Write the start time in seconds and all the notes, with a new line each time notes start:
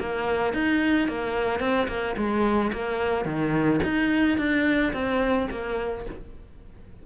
0.00 A#3
0.54 D#4
1.08 A#3
1.60 C4
1.88 A#3
2.17 G#3
2.73 A#3
3.25 D#3
3.84 D#4
4.38 D4
4.93 C4
5.51 A#3